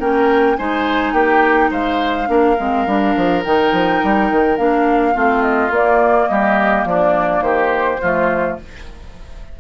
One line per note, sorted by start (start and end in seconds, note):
0.00 0.57 A#3
0.00 0.57 C#4
0.00 0.57 A#4
0.00 0.57 G5
0.57 1.13 G#3
0.57 2.27 D#4
0.57 1.14 C5
0.57 1.14 G#5
1.13 1.70 A#3
1.13 1.71 G4
1.13 1.71 G5
1.71 2.28 G#3
1.71 2.28 C5
1.71 3.44 F5
2.27 2.57 A#3
2.27 2.56 D4
2.27 5.14 A#4
2.60 2.87 G#3
2.60 2.87 C4
2.87 3.15 G3
2.87 3.44 D4
3.17 3.45 F3
3.44 3.72 D#3
3.44 4.58 D#4
3.44 4.57 G5
3.72 4.01 F3
4.04 4.31 G3
4.31 4.58 D#3
4.57 5.16 A#3
4.57 5.14 D4
4.57 5.43 F5
5.14 5.70 A3
5.14 5.71 C4
5.14 6.28 F4
5.43 5.71 D#5
5.70 6.28 A#3
5.70 8.01 A#3
5.70 6.29 D5
6.29 6.85 G3
6.29 6.88 G4
6.29 6.86 D#5
6.85 7.41 F3
6.85 7.44 D4
6.85 7.42 D5
7.41 7.98 D#3
7.41 8.01 G4
7.41 8.57 C5
8.02 8.60 F3
8.02 8.60 A3
8.02 8.59 F4